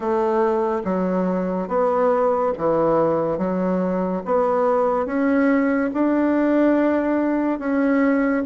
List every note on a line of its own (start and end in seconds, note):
0.00 0.82 A3
0.84 1.67 F#3
1.67 2.52 B3
2.57 3.38 E3
3.38 4.22 F#3
4.25 5.06 B3
5.06 5.90 C#4
5.93 7.59 D4
7.59 8.43 C#4